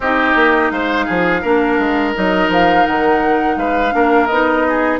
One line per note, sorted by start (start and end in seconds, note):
0.00 0.34 C4
0.00 1.43 D#4
0.00 0.72 G4
0.00 0.71 D#5
0.35 0.71 A#3
0.71 1.07 G#3
0.71 1.05 C5
0.71 2.13 F5
1.05 1.43 F3
1.05 1.41 G#4
1.41 1.78 A#3
1.41 2.14 D4
1.41 3.56 A#4
1.78 2.14 G#3
2.14 2.49 F#3
2.14 3.91 D#4
2.14 2.50 D#5
2.49 2.84 F3
2.49 2.86 F5
2.86 3.56 D#3
2.86 3.57 F#5
3.56 3.92 G#3
3.56 3.94 B4
3.56 4.26 F5
3.91 4.29 A#3
3.91 4.27 D4
3.91 4.66 A#4
4.26 5.00 B3
4.26 4.97 D#5
4.32 5.00 D#4
4.68 5.00 G#4